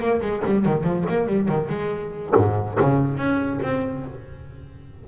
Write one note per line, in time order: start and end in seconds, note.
0.00 0.21 A#3
0.22 0.43 G#3
0.45 0.66 G3
0.66 0.84 D#3
0.84 1.05 F3
1.09 1.27 A#3
1.27 1.49 G3
1.49 1.70 D#3
1.70 2.33 G#3
2.37 2.79 G#2
2.81 3.17 C#3
3.17 3.60 C#4
3.63 4.06 C4